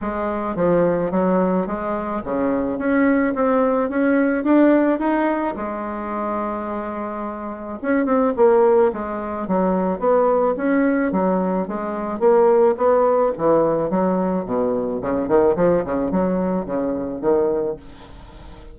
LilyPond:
\new Staff \with { instrumentName = "bassoon" } { \time 4/4 \tempo 4 = 108 gis4 f4 fis4 gis4 | cis4 cis'4 c'4 cis'4 | d'4 dis'4 gis2~ | gis2 cis'8 c'8 ais4 |
gis4 fis4 b4 cis'4 | fis4 gis4 ais4 b4 | e4 fis4 b,4 cis8 dis8 | f8 cis8 fis4 cis4 dis4 | }